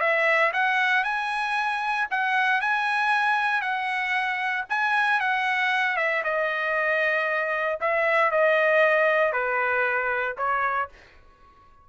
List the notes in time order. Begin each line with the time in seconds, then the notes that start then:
0.00 E5
0.53 F#5
1.04 G#5
2.10 F#5
2.61 G#5
3.61 F#5
4.69 G#5
5.20 F#5
5.96 E5
6.24 D#5
7.81 E5
8.31 D#5
9.32 B4
10.37 C#5